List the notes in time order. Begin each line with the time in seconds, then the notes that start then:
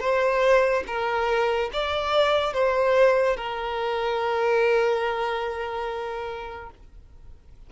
0.00 C5
0.87 A#4
1.73 D5
2.53 C5
3.37 A#4